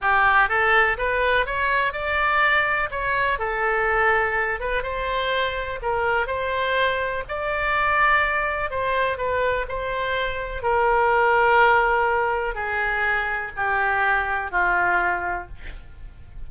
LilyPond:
\new Staff \with { instrumentName = "oboe" } { \time 4/4 \tempo 4 = 124 g'4 a'4 b'4 cis''4 | d''2 cis''4 a'4~ | a'4. b'8 c''2 | ais'4 c''2 d''4~ |
d''2 c''4 b'4 | c''2 ais'2~ | ais'2 gis'2 | g'2 f'2 | }